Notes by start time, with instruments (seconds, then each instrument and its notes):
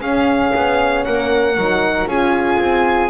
0.00 horn C#4, double bass C#4, flute G#4, violin F5
0.55 double bass B3
1.05 double bass A#3, flute A#4, violin F#5
1.58 double bass F#3, horn D#4
2.06 double bass C#4, horn F4, flute G#4, violin G#5
2.59 double bass C4